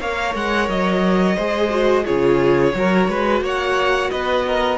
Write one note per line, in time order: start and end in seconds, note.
0.00 0.35 A#3
0.00 1.38 A#4
0.00 1.36 C#5
0.00 0.34 F5
0.35 0.69 G#3
0.35 0.69 F#5
0.69 1.37 F#3
0.69 2.06 D#5
1.36 2.07 G#3
1.36 1.71 G#4
1.36 2.05 C5
1.71 2.05 F#4
2.05 2.74 C#3
2.05 2.73 F4
2.05 2.73 G#4
2.05 3.42 C#5
2.74 3.08 F#3
2.74 4.78 F#4
2.74 3.10 A#4
3.08 3.41 G#3
3.08 3.43 B4
3.41 4.09 A#3
3.41 4.11 C#5
3.41 4.11 F#5
4.11 4.78 B3
4.11 4.46 B4
4.11 4.78 D#5
4.46 4.78 A#4